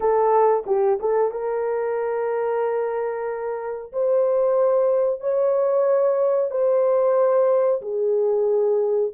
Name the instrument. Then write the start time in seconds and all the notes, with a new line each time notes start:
horn
0.00 A4
0.66 G4
1.00 A4
1.31 A#4
3.92 C5
5.20 C#5
6.50 C5
7.81 G#4